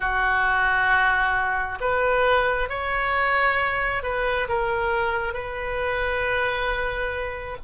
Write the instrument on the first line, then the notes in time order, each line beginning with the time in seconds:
oboe
0.00 F#4
1.80 B4
2.69 C#5
4.03 B4
4.48 A#4
5.33 B4